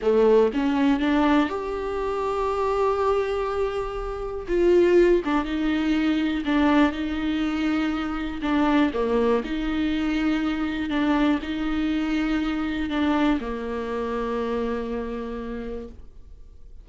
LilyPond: \new Staff \with { instrumentName = "viola" } { \time 4/4 \tempo 4 = 121 a4 cis'4 d'4 g'4~ | g'1~ | g'4 f'4. d'8 dis'4~ | dis'4 d'4 dis'2~ |
dis'4 d'4 ais4 dis'4~ | dis'2 d'4 dis'4~ | dis'2 d'4 ais4~ | ais1 | }